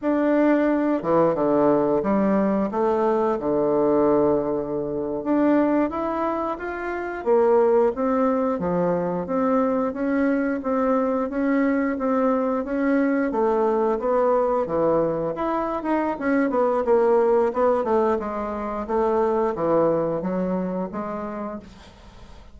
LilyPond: \new Staff \with { instrumentName = "bassoon" } { \time 4/4 \tempo 4 = 89 d'4. e8 d4 g4 | a4 d2~ d8. d'16~ | d'8. e'4 f'4 ais4 c'16~ | c'8. f4 c'4 cis'4 c'16~ |
c'8. cis'4 c'4 cis'4 a16~ | a8. b4 e4 e'8. dis'8 | cis'8 b8 ais4 b8 a8 gis4 | a4 e4 fis4 gis4 | }